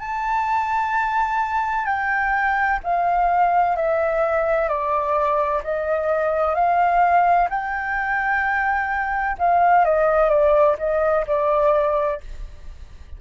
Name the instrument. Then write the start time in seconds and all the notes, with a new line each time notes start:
flute
0.00 A5
1.86 G5
2.84 F5
3.76 E5
4.69 D5
5.64 D#5
6.55 F5
7.50 G5
9.39 F5
9.85 D#5
10.30 D5
10.79 D#5
11.27 D5